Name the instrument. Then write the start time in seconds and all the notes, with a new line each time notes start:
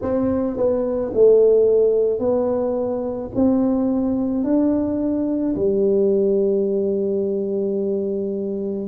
tuba
0.01 C4
0.56 B3
1.14 A3
2.19 B3
3.35 C4
4.43 D4
5.56 G3